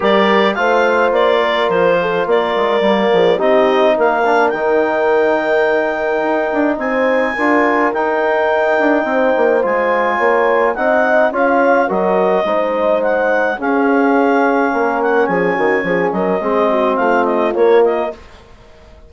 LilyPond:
<<
  \new Staff \with { instrumentName = "clarinet" } { \time 4/4 \tempo 4 = 106 d''4 f''4 d''4 c''4 | d''2 dis''4 f''4 | g''1 | gis''2 g''2~ |
g''4 gis''2 fis''4 | f''4 dis''2 fis''4 | f''2~ f''8 fis''8 gis''4~ | gis''8 dis''4. f''8 dis''8 cis''8 dis''8 | }
  \new Staff \with { instrumentName = "horn" } { \time 4/4 ais'4 c''4. ais'4 a'8 | ais'4. gis'8 g'4 ais'4~ | ais'1 | c''4 ais'2. |
c''2 cis''4 dis''4 | cis''4 ais'4 c''2 | gis'2 ais'4 gis'8 fis'8 | gis'8 ais'8 gis'8 fis'8 f'2 | }
  \new Staff \with { instrumentName = "trombone" } { \time 4/4 g'4 f'2.~ | f'4 ais4 dis'4. d'8 | dis'1~ | dis'4 f'4 dis'2~ |
dis'4 f'2 dis'4 | f'4 fis'4 dis'2 | cis'1~ | cis'4 c'2 ais4 | }
  \new Staff \with { instrumentName = "bassoon" } { \time 4/4 g4 a4 ais4 f4 | ais8 gis8 g8 f8 c'4 ais4 | dis2. dis'8 d'8 | c'4 d'4 dis'4. d'8 |
c'8 ais8 gis4 ais4 c'4 | cis'4 fis4 gis2 | cis'2 ais4 f8 dis8 | f8 fis8 gis4 a4 ais4 | }
>>